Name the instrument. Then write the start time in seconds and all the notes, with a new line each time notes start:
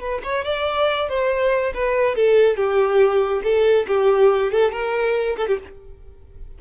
violin
0.00 B4
0.23 C#5
0.44 D5
1.09 C5
1.74 B4
2.15 A4
2.57 G4
3.43 A4
3.87 G4
4.52 A4
4.72 A#4
5.37 A4
5.47 G4